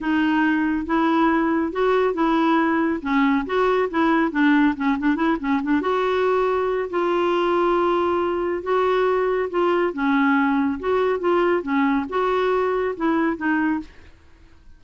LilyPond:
\new Staff \with { instrumentName = "clarinet" } { \time 4/4 \tempo 4 = 139 dis'2 e'2 | fis'4 e'2 cis'4 | fis'4 e'4 d'4 cis'8 d'8 | e'8 cis'8 d'8 fis'2~ fis'8 |
f'1 | fis'2 f'4 cis'4~ | cis'4 fis'4 f'4 cis'4 | fis'2 e'4 dis'4 | }